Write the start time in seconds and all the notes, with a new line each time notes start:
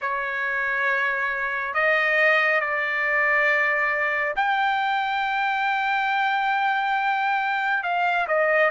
0.01 C#5
1.74 D#5
2.60 D5
4.36 G5
7.83 F5
8.27 D#5